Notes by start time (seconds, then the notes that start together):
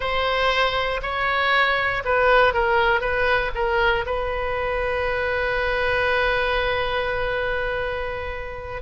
0.00 C5
1.02 C#5
2.04 B4
2.53 A#4
3.00 B4
3.55 A#4
4.06 B4